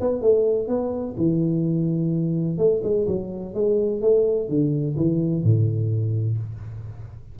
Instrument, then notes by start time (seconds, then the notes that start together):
tuba
0.00 B3
0.21 A3
0.68 B3
1.17 E3
2.58 A3
2.83 G#3
3.07 F#3
3.54 G#3
4.02 A3
4.49 D3
4.96 E3
5.43 A2